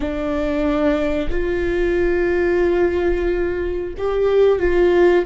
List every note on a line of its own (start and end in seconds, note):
0.00 1.29 D4
1.30 3.94 F4
3.97 4.59 G4
4.59 5.25 F4